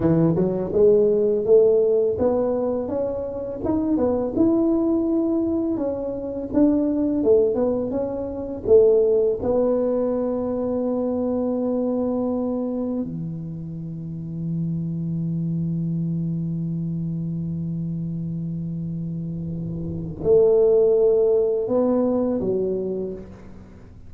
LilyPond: \new Staff \with { instrumentName = "tuba" } { \time 4/4 \tempo 4 = 83 e8 fis8 gis4 a4 b4 | cis'4 dis'8 b8 e'2 | cis'4 d'4 a8 b8 cis'4 | a4 b2.~ |
b2 e2~ | e1~ | e1 | a2 b4 fis4 | }